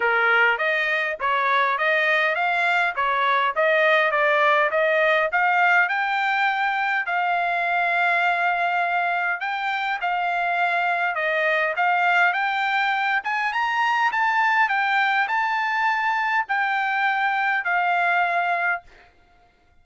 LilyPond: \new Staff \with { instrumentName = "trumpet" } { \time 4/4 \tempo 4 = 102 ais'4 dis''4 cis''4 dis''4 | f''4 cis''4 dis''4 d''4 | dis''4 f''4 g''2 | f''1 |
g''4 f''2 dis''4 | f''4 g''4. gis''8 ais''4 | a''4 g''4 a''2 | g''2 f''2 | }